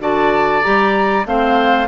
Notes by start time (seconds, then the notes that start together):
0.00 D3 F#4 D5 A5
0.62 G3 G4 A#5
1.26 A3 C4 C5 F5